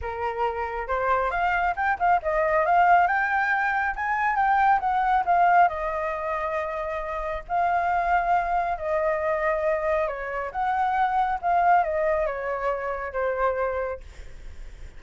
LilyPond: \new Staff \with { instrumentName = "flute" } { \time 4/4 \tempo 4 = 137 ais'2 c''4 f''4 | g''8 f''8 dis''4 f''4 g''4~ | g''4 gis''4 g''4 fis''4 | f''4 dis''2.~ |
dis''4 f''2. | dis''2. cis''4 | fis''2 f''4 dis''4 | cis''2 c''2 | }